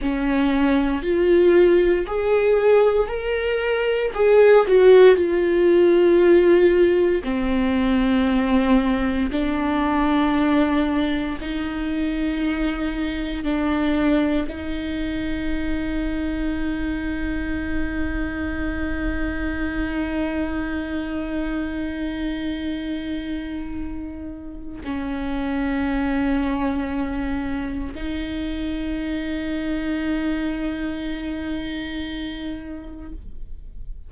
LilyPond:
\new Staff \with { instrumentName = "viola" } { \time 4/4 \tempo 4 = 58 cis'4 f'4 gis'4 ais'4 | gis'8 fis'8 f'2 c'4~ | c'4 d'2 dis'4~ | dis'4 d'4 dis'2~ |
dis'1~ | dis'1 | cis'2. dis'4~ | dis'1 | }